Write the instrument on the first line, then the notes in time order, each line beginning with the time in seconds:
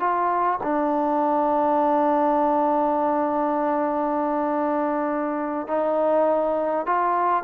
trombone
0.00 F4
0.63 D4
5.68 D#4
6.86 F4